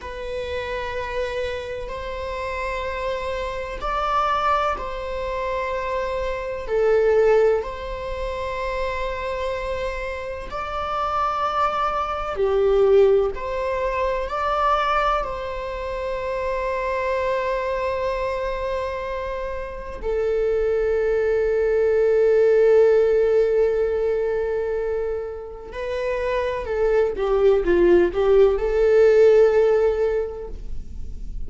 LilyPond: \new Staff \with { instrumentName = "viola" } { \time 4/4 \tempo 4 = 63 b'2 c''2 | d''4 c''2 a'4 | c''2. d''4~ | d''4 g'4 c''4 d''4 |
c''1~ | c''4 a'2.~ | a'2. b'4 | a'8 g'8 f'8 g'8 a'2 | }